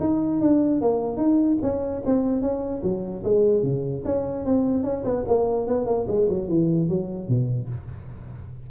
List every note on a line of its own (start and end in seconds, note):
0.00 0.41 D#4
0.41 0.81 D4
0.81 1.17 A#3
1.17 1.57 D#4
1.62 2.02 C#4
2.05 2.41 C4
2.41 2.82 C#4
2.82 3.23 F#3
3.24 3.62 G#3
3.62 4.03 C#3
4.05 4.45 C#4
4.45 4.84 C4
4.84 5.04 C#4
5.04 5.24 B3
5.28 5.67 A#3
5.67 5.86 B3
5.86 6.06 A#3
6.07 6.28 G#3
6.29 6.48 F#3
6.48 6.89 E3
6.89 7.28 F#3
7.28 7.69 B2